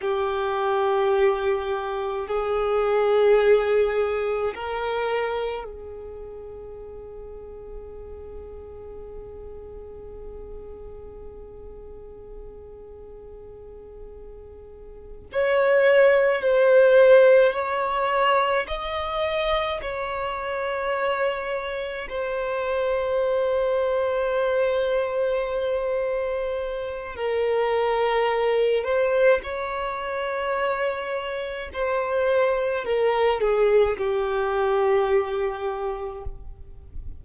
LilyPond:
\new Staff \with { instrumentName = "violin" } { \time 4/4 \tempo 4 = 53 g'2 gis'2 | ais'4 gis'2.~ | gis'1~ | gis'4. cis''4 c''4 cis''8~ |
cis''8 dis''4 cis''2 c''8~ | c''1 | ais'4. c''8 cis''2 | c''4 ais'8 gis'8 g'2 | }